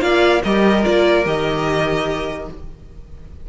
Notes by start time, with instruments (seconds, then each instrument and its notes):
0.00 cello A#3, viola F4, violin D5 F5
0.43 cello G3, viola G4, violin A#4 D#5
0.83 cello A#3, viola F4, violin D5
1.25 cello D#3, viola G4, violin D#5